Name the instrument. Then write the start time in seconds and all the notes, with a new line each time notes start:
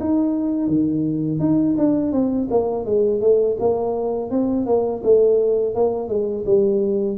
tuba
0.00 D#4
0.68 D#3
1.39 D#4
1.77 D4
2.12 C4
2.50 A#3
2.85 G#3
3.21 A3
3.59 A#3
4.30 C4
4.66 A#3
5.03 A3
5.75 A#3
6.08 G#3
6.45 G3